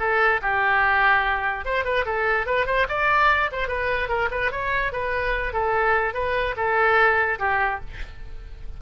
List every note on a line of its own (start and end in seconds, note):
0.00 0.41 A4
0.42 1.66 G4
1.66 1.85 C5
1.85 2.06 B4
2.06 2.47 A4
2.47 2.67 B4
2.67 2.87 C5
2.89 3.51 D5
3.52 3.68 C5
3.68 4.09 B4
4.09 4.30 A#4
4.32 4.52 B4
4.52 4.93 C#5
4.93 5.53 B4
5.53 6.14 A4
6.14 6.55 B4
6.57 7.39 A4
7.40 7.81 G4